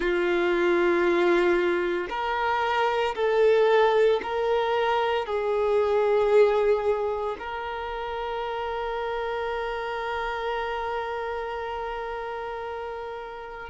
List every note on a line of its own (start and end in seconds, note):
0.00 2.07 F4
2.09 3.14 A#4
3.15 4.20 A4
4.22 5.25 A#4
5.25 7.36 G#4
7.39 13.69 A#4